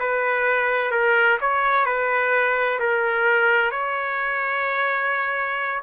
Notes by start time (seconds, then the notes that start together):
0.00 B4
0.92 A#4
1.41 C#5
1.86 B4
2.80 A#4
3.72 C#5